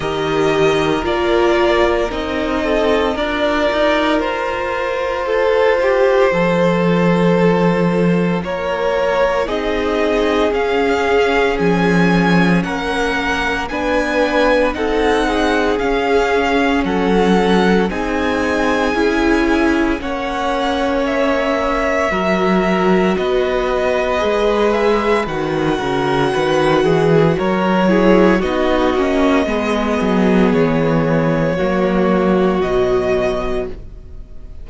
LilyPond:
<<
  \new Staff \with { instrumentName = "violin" } { \time 4/4 \tempo 4 = 57 dis''4 d''4 dis''4 d''4 | c''1 | cis''4 dis''4 f''4 gis''4 | fis''4 gis''4 fis''4 f''4 |
fis''4 gis''2 fis''4 | e''2 dis''4. e''8 | fis''2 cis''4 dis''4~ | dis''4 cis''2 dis''4 | }
  \new Staff \with { instrumentName = "violin" } { \time 4/4 ais'2~ ais'8 a'8 ais'4~ | ais'4 a'8 g'8 a'2 | ais'4 gis'2. | ais'4 b'4 a'8 gis'4. |
a'4 gis'2 cis''4~ | cis''4 ais'4 b'2~ | b'8 ais'8 b'8 gis'8 ais'8 gis'8 fis'4 | gis'2 fis'2 | }
  \new Staff \with { instrumentName = "viola" } { \time 4/4 g'4 f'4 dis'4 f'4~ | f'1~ | f'4 dis'4 cis'2~ | cis'4 d'4 dis'4 cis'4~ |
cis'4 dis'4 e'4 cis'4~ | cis'4 fis'2 gis'4 | fis'2~ fis'8 e'8 dis'8 cis'8 | b2 ais4 fis4 | }
  \new Staff \with { instrumentName = "cello" } { \time 4/4 dis4 ais4 c'4 d'8 dis'8 | f'2 f2 | ais4 c'4 cis'4 f4 | ais4 b4 c'4 cis'4 |
fis4 c'4 cis'4 ais4~ | ais4 fis4 b4 gis4 | dis8 cis8 dis8 e8 fis4 b8 ais8 | gis8 fis8 e4 fis4 b,4 | }
>>